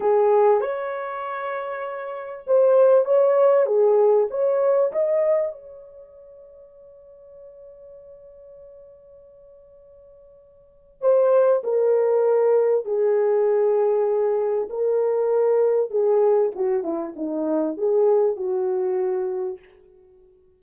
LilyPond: \new Staff \with { instrumentName = "horn" } { \time 4/4 \tempo 4 = 98 gis'4 cis''2. | c''4 cis''4 gis'4 cis''4 | dis''4 cis''2.~ | cis''1~ |
cis''2 c''4 ais'4~ | ais'4 gis'2. | ais'2 gis'4 fis'8 e'8 | dis'4 gis'4 fis'2 | }